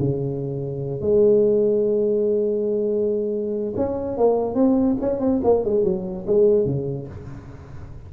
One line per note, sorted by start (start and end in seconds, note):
0.00 1.01 C#3
1.01 3.74 G#3
3.76 4.18 C#4
4.18 4.55 A#3
4.55 4.97 C4
5.01 5.20 C#4
5.20 5.41 C4
5.44 5.65 A#3
5.65 5.84 G#3
5.84 6.26 F#3
6.27 6.66 G#3
6.66 7.08 C#3